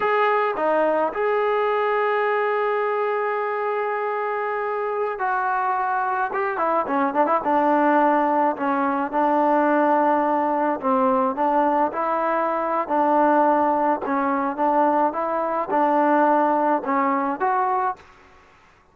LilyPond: \new Staff \with { instrumentName = "trombone" } { \time 4/4 \tempo 4 = 107 gis'4 dis'4 gis'2~ | gis'1~ | gis'4~ gis'16 fis'2 g'8 e'16~ | e'16 cis'8 d'16 e'16 d'2 cis'8.~ |
cis'16 d'2. c'8.~ | c'16 d'4 e'4.~ e'16 d'4~ | d'4 cis'4 d'4 e'4 | d'2 cis'4 fis'4 | }